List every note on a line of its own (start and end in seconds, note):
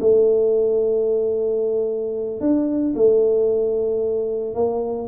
0.00 2.41 A3
2.41 2.94 D4
2.95 4.54 A3
4.54 5.08 A#3